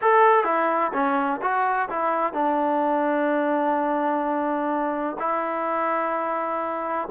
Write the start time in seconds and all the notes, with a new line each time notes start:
0.01 A4
0.44 E4
0.93 C#4
1.41 F#4
1.89 E4
2.33 D4
5.19 E4